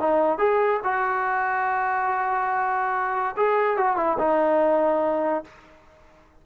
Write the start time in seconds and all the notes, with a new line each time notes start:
0.00 D#4
0.39 G#4
0.84 F#4
3.36 G#4
3.77 F#4
3.97 E4
4.18 D#4